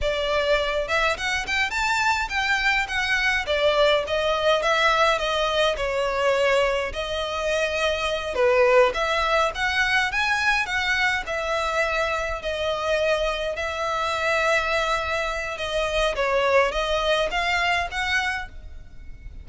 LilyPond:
\new Staff \with { instrumentName = "violin" } { \time 4/4 \tempo 4 = 104 d''4. e''8 fis''8 g''8 a''4 | g''4 fis''4 d''4 dis''4 | e''4 dis''4 cis''2 | dis''2~ dis''8 b'4 e''8~ |
e''8 fis''4 gis''4 fis''4 e''8~ | e''4. dis''2 e''8~ | e''2. dis''4 | cis''4 dis''4 f''4 fis''4 | }